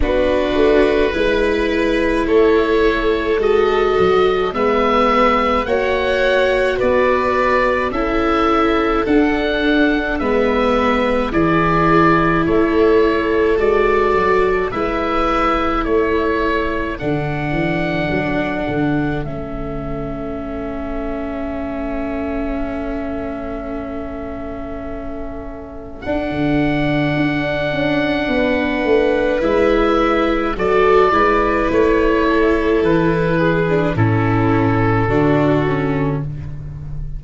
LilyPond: <<
  \new Staff \with { instrumentName = "oboe" } { \time 4/4 \tempo 4 = 53 b'2 cis''4 dis''4 | e''4 fis''4 d''4 e''4 | fis''4 e''4 d''4 cis''4 | d''4 e''4 cis''4 fis''4~ |
fis''4 e''2.~ | e''2. fis''4~ | fis''2 e''4 d''4 | cis''4 b'4 a'2 | }
  \new Staff \with { instrumentName = "violin" } { \time 4/4 fis'4 b'4 a'2 | b'4 cis''4 b'4 a'4~ | a'4 b'4 gis'4 a'4~ | a'4 b'4 a'2~ |
a'1~ | a'1~ | a'4 b'2 a'8 b'8~ | b'8 a'4 gis'8 e'4 fis'4 | }
  \new Staff \with { instrumentName = "viola" } { \time 4/4 d'4 e'2 fis'4 | b4 fis'2 e'4 | d'4 b4 e'2 | fis'4 e'2 d'4~ |
d'4 cis'2.~ | cis'2. d'4~ | d'2 e'4 fis'8 e'8~ | e'4.~ e'16 d'16 cis'4 d'8 cis'8 | }
  \new Staff \with { instrumentName = "tuba" } { \time 4/4 b8 a8 gis4 a4 gis8 fis8 | gis4 ais4 b4 cis'4 | d'4 gis4 e4 a4 | gis8 fis8 gis4 a4 d8 e8 |
fis8 d8 a2.~ | a2. d'16 d8. | d'8 cis'8 b8 a8 gis4 fis8 gis8 | a4 e4 a,4 d4 | }
>>